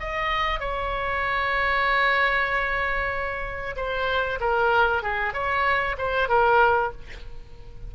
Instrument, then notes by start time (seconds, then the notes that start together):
oboe
0.00 D#5
0.60 C#5
3.76 C5
4.41 A#4
5.03 G#4
5.33 C#5
5.98 C5
6.29 A#4